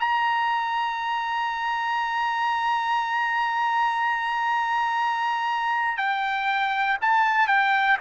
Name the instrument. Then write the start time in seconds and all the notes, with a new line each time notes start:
trumpet
0.00 A#5
5.97 G5
7.02 A5
7.48 G5